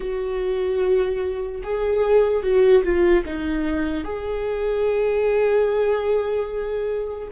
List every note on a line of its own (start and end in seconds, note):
0.00 1.61 F#4
1.63 2.43 G#4
2.43 2.83 F#4
2.83 3.24 F4
3.25 4.04 D#4
4.04 7.28 G#4